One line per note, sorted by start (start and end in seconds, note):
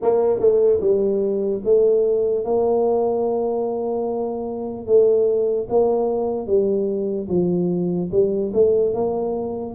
0.02 0.39 A#3
0.39 0.80 A3
0.80 1.61 G3
1.64 2.44 A3
2.44 4.86 A#3
4.86 5.67 A3
5.69 6.46 A#3
6.46 7.28 G3
7.28 8.09 F3
8.11 8.52 G3
8.54 8.94 A3
8.94 9.75 A#3